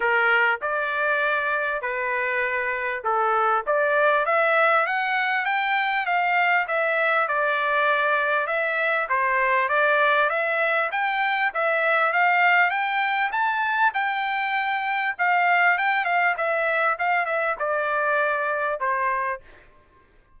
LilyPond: \new Staff \with { instrumentName = "trumpet" } { \time 4/4 \tempo 4 = 99 ais'4 d''2 b'4~ | b'4 a'4 d''4 e''4 | fis''4 g''4 f''4 e''4 | d''2 e''4 c''4 |
d''4 e''4 g''4 e''4 | f''4 g''4 a''4 g''4~ | g''4 f''4 g''8 f''8 e''4 | f''8 e''8 d''2 c''4 | }